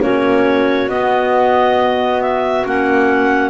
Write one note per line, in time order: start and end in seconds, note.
0.00 0.89 A#3
0.00 0.90 C#4
0.00 3.50 F#4
0.00 0.89 C#5
0.89 2.65 B3
0.89 2.66 B3
0.89 2.22 D#5
2.22 2.66 E5
2.66 3.50 A#3
2.66 3.50 C#4
2.66 3.50 F#5